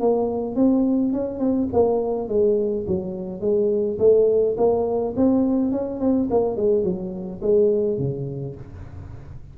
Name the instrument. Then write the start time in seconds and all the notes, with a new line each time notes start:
tuba
0.00 A#3
0.56 C4
1.13 C#4
1.39 C4
1.73 A#3
2.29 G#3
2.87 F#3
3.41 G#3
3.99 A3
4.57 A#3
5.17 C4
5.72 C#4
6.00 C4
6.31 A#3
6.57 G#3
6.84 F#3
7.42 G#3
7.98 C#3